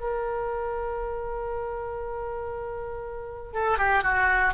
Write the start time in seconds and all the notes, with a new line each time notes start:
0.00 A#4
3.53 A4
3.78 G4
4.03 F#4